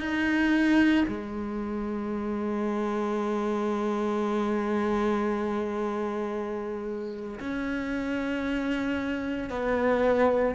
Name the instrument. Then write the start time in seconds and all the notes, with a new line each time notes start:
cello
0.00 D#4
1.08 G#3
7.40 C#4
9.50 B3